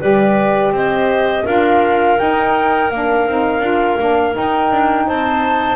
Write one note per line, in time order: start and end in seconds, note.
0.00 0.72 G3
0.00 1.45 G4
0.00 0.72 B4
0.00 0.73 D5
0.72 1.44 C4
0.72 1.44 C5
0.72 1.46 D#5
1.44 2.19 D4
1.44 2.17 F4
1.44 5.06 A#4
1.44 2.19 F5
2.18 2.90 D#4
2.18 2.91 D#4
2.18 2.91 G5
2.91 3.27 A#3
2.91 3.29 D4
2.91 4.35 F5
3.27 3.60 C4
3.27 3.62 D#4
3.60 3.96 D4
3.60 3.98 F4
3.99 4.36 A#3
3.99 4.32 D4
4.32 5.76 D#4
4.32 4.72 D#4
4.32 5.08 G5
4.72 5.08 D4
5.07 5.76 C4
5.07 5.76 C5
5.07 5.76 A5